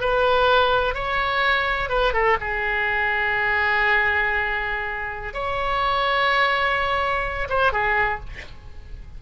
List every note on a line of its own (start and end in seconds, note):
0.00 0.94 B4
0.94 1.89 C#5
1.89 2.13 B4
2.13 2.37 A4
2.40 5.34 G#4
5.34 7.48 C#5
7.49 7.72 C5
7.72 8.20 G#4